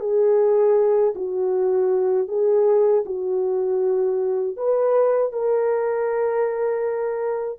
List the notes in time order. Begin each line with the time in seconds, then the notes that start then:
0.00 G#4
1.15 F#4
2.28 G#4
3.06 F#4
4.57 B4
5.32 A#4